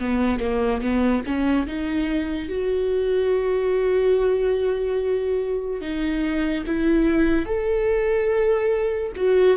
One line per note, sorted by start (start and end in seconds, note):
0.00 0.40 B3
0.40 0.81 A#3
0.81 1.23 B3
1.26 1.67 C#4
1.67 2.49 D#4
2.49 5.81 F#4
5.81 6.65 D#4
6.67 7.46 E4
7.46 9.12 A4
9.16 9.57 F#4